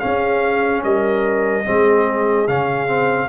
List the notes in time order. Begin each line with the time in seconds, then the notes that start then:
0.00 C#4 G#4 F5
0.84 G3 A#4 D#5
1.65 G#3 C4 G#4
2.48 C#3 C#4 F5
2.87 C4